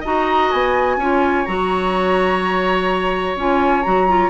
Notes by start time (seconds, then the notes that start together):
0.00 D#4 F#4 D#5 A#5
0.50 B3 G#5
0.96 C#4 F4 C#5
1.45 F#3 F#4 A#5
3.36 C#4 F4 G#5
3.82 F#3 F#4 A#5
4.08 F4